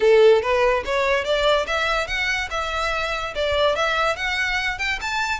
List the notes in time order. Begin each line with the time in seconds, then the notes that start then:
0.00 A4
0.41 B4
0.85 C#5
1.24 D5
1.66 E5
2.07 F#5
2.50 E5
3.35 D5
3.75 E5
4.16 F#5
4.78 G5
5.01 A5